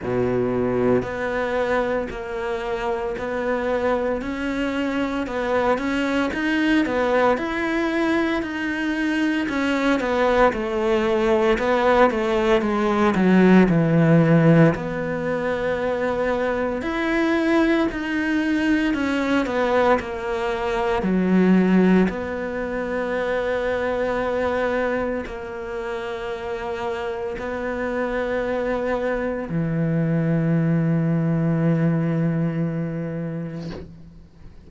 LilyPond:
\new Staff \with { instrumentName = "cello" } { \time 4/4 \tempo 4 = 57 b,4 b4 ais4 b4 | cis'4 b8 cis'8 dis'8 b8 e'4 | dis'4 cis'8 b8 a4 b8 a8 | gis8 fis8 e4 b2 |
e'4 dis'4 cis'8 b8 ais4 | fis4 b2. | ais2 b2 | e1 | }